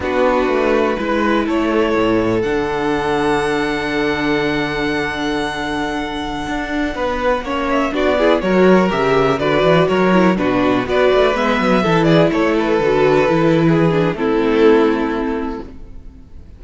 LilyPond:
<<
  \new Staff \with { instrumentName = "violin" } { \time 4/4 \tempo 4 = 123 b'2. cis''4~ | cis''4 fis''2.~ | fis''1~ | fis''2.~ fis''8. e''16~ |
e''16 d''4 cis''4 e''4 d''8.~ | d''16 cis''4 b'4 d''4 e''8.~ | e''8. d''8 cis''8 b'2~ b'16~ | b'4 a'2. | }
  \new Staff \with { instrumentName = "violin" } { \time 4/4 fis'2 b'4 a'4~ | a'1~ | a'1~ | a'2~ a'16 b'4 cis''8.~ |
cis''16 fis'8 gis'8 ais'2 b'8.~ | b'16 ais'4 fis'4 b'4.~ b'16~ | b'16 a'8 gis'8 a'2~ a'8. | gis'4 e'2. | }
  \new Staff \with { instrumentName = "viola" } { \time 4/4 d'2 e'2~ | e'4 d'2.~ | d'1~ | d'2.~ d'16 cis'8.~ |
cis'16 d'8 e'8 fis'4 g'4 fis'8.~ | fis'8. e'8 d'4 fis'4 b8.~ | b16 e'2 fis'4 e'8.~ | e'8 d'8 c'2. | }
  \new Staff \with { instrumentName = "cello" } { \time 4/4 b4 a4 gis4 a4 | a,4 d2.~ | d1~ | d4~ d16 d'4 b4 ais8.~ |
ais16 b4 fis4 cis4 d8 e16~ | e16 fis4 b,4 b8 a8 gis8 fis16~ | fis16 e4 a4 d4 e8.~ | e4 a2. | }
>>